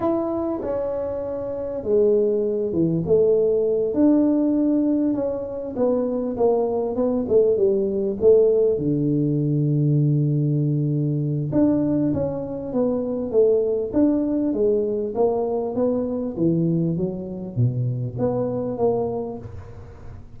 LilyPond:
\new Staff \with { instrumentName = "tuba" } { \time 4/4 \tempo 4 = 99 e'4 cis'2 gis4~ | gis8 e8 a4. d'4.~ | d'8 cis'4 b4 ais4 b8 | a8 g4 a4 d4.~ |
d2. d'4 | cis'4 b4 a4 d'4 | gis4 ais4 b4 e4 | fis4 b,4 b4 ais4 | }